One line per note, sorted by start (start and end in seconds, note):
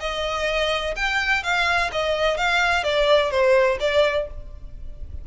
0.00 0.94 D#5
0.96 1.43 G5
1.43 1.90 F5
1.92 2.37 D#5
2.37 2.84 F5
2.84 3.31 D5
3.31 3.78 C5
3.80 4.27 D5